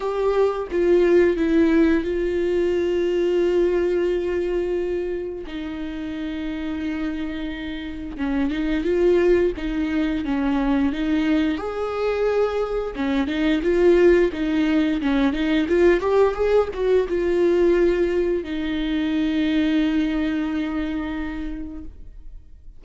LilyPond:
\new Staff \with { instrumentName = "viola" } { \time 4/4 \tempo 4 = 88 g'4 f'4 e'4 f'4~ | f'1 | dis'1 | cis'8 dis'8 f'4 dis'4 cis'4 |
dis'4 gis'2 cis'8 dis'8 | f'4 dis'4 cis'8 dis'8 f'8 g'8 | gis'8 fis'8 f'2 dis'4~ | dis'1 | }